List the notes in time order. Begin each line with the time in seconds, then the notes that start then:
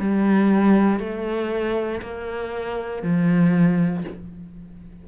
0.00 G3
1.00 A3
2.02 A#3
3.03 F3